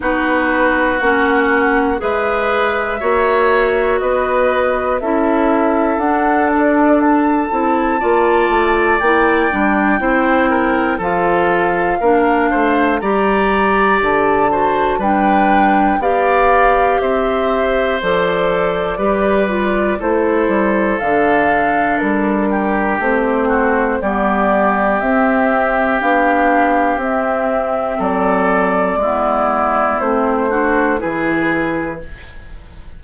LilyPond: <<
  \new Staff \with { instrumentName = "flute" } { \time 4/4 \tempo 4 = 60 b'4 fis''4 e''2 | dis''4 e''4 fis''8 d''8 a''4~ | a''4 g''2 f''4~ | f''4 ais''4 a''4 g''4 |
f''4 e''4 d''2 | c''4 f''4 ais'4 c''4 | d''4 e''4 f''4 e''4 | d''2 c''4 b'4 | }
  \new Staff \with { instrumentName = "oboe" } { \time 4/4 fis'2 b'4 cis''4 | b'4 a'2. | d''2 c''8 ais'8 a'4 | ais'8 c''8 d''4. c''8 b'4 |
d''4 c''2 b'4 | a'2~ a'8 g'4 fis'8 | g'1 | a'4 e'4. fis'8 gis'4 | }
  \new Staff \with { instrumentName = "clarinet" } { \time 4/4 dis'4 cis'4 gis'4 fis'4~ | fis'4 e'4 d'4. e'8 | f'4 e'8 d'8 e'4 f'4 | d'4 g'4. fis'8 d'4 |
g'2 a'4 g'8 f'8 | e'4 d'2 c'4 | b4 c'4 d'4 c'4~ | c'4 b4 c'8 d'8 e'4 | }
  \new Staff \with { instrumentName = "bassoon" } { \time 4/4 b4 ais4 gis4 ais4 | b4 cis'4 d'4. c'8 | ais8 a8 ais8 g8 c'4 f4 | ais8 a8 g4 d4 g4 |
b4 c'4 f4 g4 | a8 g8 d4 g4 a4 | g4 c'4 b4 c'4 | fis4 gis4 a4 e4 | }
>>